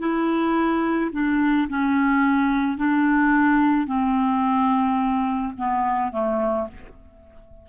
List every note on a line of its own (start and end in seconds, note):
0.00 1.11 E4
1.13 1.68 D4
1.70 2.78 C#4
2.78 3.87 D4
3.87 5.54 C4
5.58 6.12 B3
6.12 6.68 A3